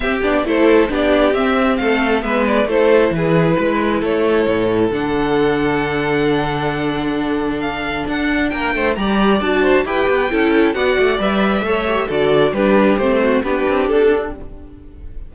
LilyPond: <<
  \new Staff \with { instrumentName = "violin" } { \time 4/4 \tempo 4 = 134 e''8 d''8 c''4 d''4 e''4 | f''4 e''8 d''8 c''4 b'4~ | b'4 cis''2 fis''4~ | fis''1~ |
fis''4 f''4 fis''4 g''4 | ais''4 a''4 g''2 | fis''4 e''2 d''4 | b'4 c''4 b'4 a'4 | }
  \new Staff \with { instrumentName = "violin" } { \time 4/4 g'4 a'4 g'2 | a'4 b'4 a'4 gis'4 | b'4 a'2.~ | a'1~ |
a'2. ais'8 c''8 | d''4. c''8 b'4 a'4 | d''2 cis''4 a'4 | g'4. fis'8 g'2 | }
  \new Staff \with { instrumentName = "viola" } { \time 4/4 c'8 d'8 e'4 d'4 c'4~ | c'4 b4 e'2~ | e'2. d'4~ | d'1~ |
d'1 | g'4 fis'4 g'4 e'4 | fis'4 b'4 a'8 g'8 fis'4 | d'4 c'4 d'2 | }
  \new Staff \with { instrumentName = "cello" } { \time 4/4 c'8 b8 a4 b4 c'4 | a4 gis4 a4 e4 | gis4 a4 a,4 d4~ | d1~ |
d2 d'4 ais8 a8 | g4 d'4 e'8 b8 cis'4 | b8 a8 g4 a4 d4 | g4 a4 b8 c'8 d'4 | }
>>